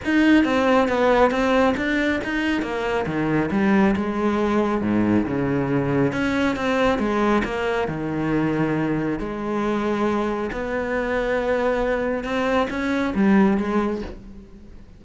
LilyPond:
\new Staff \with { instrumentName = "cello" } { \time 4/4 \tempo 4 = 137 dis'4 c'4 b4 c'4 | d'4 dis'4 ais4 dis4 | g4 gis2 gis,4 | cis2 cis'4 c'4 |
gis4 ais4 dis2~ | dis4 gis2. | b1 | c'4 cis'4 g4 gis4 | }